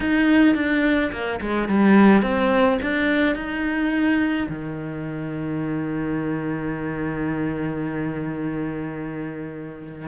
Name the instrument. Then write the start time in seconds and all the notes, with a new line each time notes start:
cello
0.00 D#4
0.55 D4
1.12 A#3
1.40 G#3
1.68 G3
2.22 C4
2.82 D4
3.35 D#4
4.48 D#3